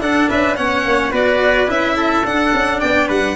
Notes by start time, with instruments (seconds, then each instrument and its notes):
0.00 tuba D4, cello D4, trumpet A4, violin F#5
0.29 tuba C#4, trumpet B4, violin E5
0.56 tuba B3, cello C#4, trumpet C#5, violin F#5
0.85 tuba A#3
1.11 tuba B3, cello F#4, trumpet B4, violin D5
1.67 tuba C#4, cello E4, violin E5
1.96 trumpet A4
2.24 tuba D4, cello D4, violin F#5
2.54 tuba C#4
2.80 tuba B3, trumpet D5, violin G5
3.07 tuba G3, trumpet B4, violin F#5